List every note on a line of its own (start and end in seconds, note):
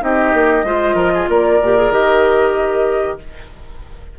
0.00 0.33 C4
0.00 0.63 D#4
0.00 0.66 G4
0.00 1.29 D#5
0.33 0.64 A#3
0.64 0.94 G#3
0.64 1.60 F4
0.64 0.95 C5
0.94 1.26 F3
0.94 1.11 A#4
1.15 1.29 G#4
1.29 1.60 A#3
1.29 3.19 A#4
1.29 1.92 D5
1.61 1.91 A#2
1.61 1.77 G4
1.77 1.93 G#4
1.91 3.17 D#3
1.91 3.19 G4
1.91 3.19 D#5